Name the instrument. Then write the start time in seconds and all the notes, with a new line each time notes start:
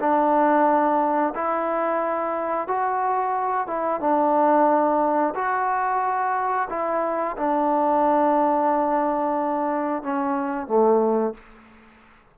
trombone
0.00 D4
1.35 E4
2.67 F#4
3.67 E4
4.00 D4
5.35 F#4
6.69 E4
7.37 D4
10.03 C#4
10.67 A3